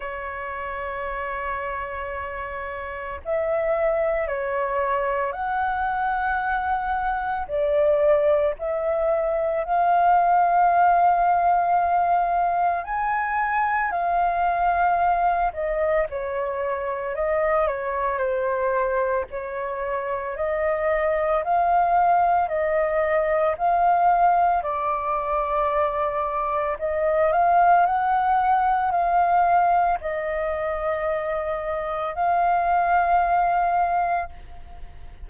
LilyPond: \new Staff \with { instrumentName = "flute" } { \time 4/4 \tempo 4 = 56 cis''2. e''4 | cis''4 fis''2 d''4 | e''4 f''2. | gis''4 f''4. dis''8 cis''4 |
dis''8 cis''8 c''4 cis''4 dis''4 | f''4 dis''4 f''4 d''4~ | d''4 dis''8 f''8 fis''4 f''4 | dis''2 f''2 | }